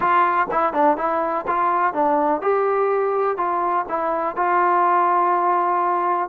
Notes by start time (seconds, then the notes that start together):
0.00 F4
0.51 E4
0.73 D4
0.97 E4
1.47 F4
1.93 D4
2.41 G4
3.37 F4
3.88 E4
4.35 F4